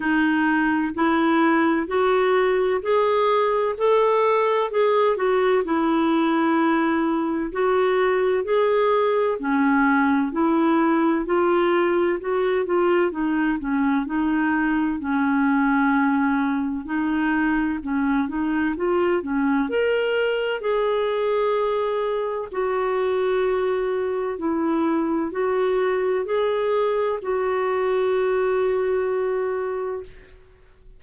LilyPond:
\new Staff \with { instrumentName = "clarinet" } { \time 4/4 \tempo 4 = 64 dis'4 e'4 fis'4 gis'4 | a'4 gis'8 fis'8 e'2 | fis'4 gis'4 cis'4 e'4 | f'4 fis'8 f'8 dis'8 cis'8 dis'4 |
cis'2 dis'4 cis'8 dis'8 | f'8 cis'8 ais'4 gis'2 | fis'2 e'4 fis'4 | gis'4 fis'2. | }